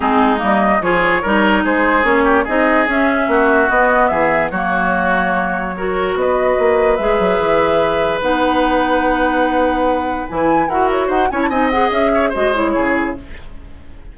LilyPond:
<<
  \new Staff \with { instrumentName = "flute" } { \time 4/4 \tempo 4 = 146 gis'4 dis''4 cis''2 | c''4 cis''4 dis''4 e''4~ | e''4 dis''4 e''4 cis''4~ | cis''2. dis''4~ |
dis''4 e''2. | fis''1~ | fis''4 gis''4 fis''8 cis''8 fis''8 gis''16 a''16 | gis''8 fis''8 e''4 dis''8 cis''4. | }
  \new Staff \with { instrumentName = "oboe" } { \time 4/4 dis'2 gis'4 ais'4 | gis'4. g'8 gis'2 | fis'2 gis'4 fis'4~ | fis'2 ais'4 b'4~ |
b'1~ | b'1~ | b'2 ais'4 c''8 cis''8 | dis''4. cis''8 c''4 gis'4 | }
  \new Staff \with { instrumentName = "clarinet" } { \time 4/4 c'4 ais4 f'4 dis'4~ | dis'4 cis'4 dis'4 cis'4~ | cis'4 b2 ais4~ | ais2 fis'2~ |
fis'4 gis'2. | dis'1~ | dis'4 e'4 fis'4. e'8 | dis'8 gis'4. fis'8 e'4. | }
  \new Staff \with { instrumentName = "bassoon" } { \time 4/4 gis4 g4 f4 g4 | gis4 ais4 c'4 cis'4 | ais4 b4 e4 fis4~ | fis2. b4 |
ais4 gis8 fis8 e2 | b1~ | b4 e4 e'4 dis'8 cis'8 | c'4 cis'4 gis4 cis4 | }
>>